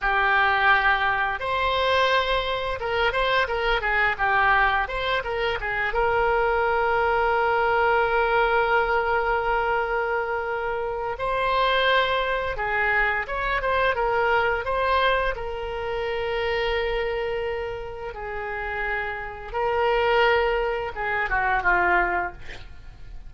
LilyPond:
\new Staff \with { instrumentName = "oboe" } { \time 4/4 \tempo 4 = 86 g'2 c''2 | ais'8 c''8 ais'8 gis'8 g'4 c''8 ais'8 | gis'8 ais'2.~ ais'8~ | ais'1 |
c''2 gis'4 cis''8 c''8 | ais'4 c''4 ais'2~ | ais'2 gis'2 | ais'2 gis'8 fis'8 f'4 | }